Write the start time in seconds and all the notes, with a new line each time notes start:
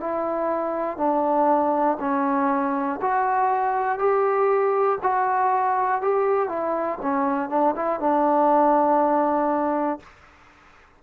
0.00 E4
0.97 D4
2.00 C#4
3.01 F#4
3.99 G4
5.03 F#4
6.01 G4
6.49 E4
7.02 C#4
7.50 D4
7.76 E4
8.00 D4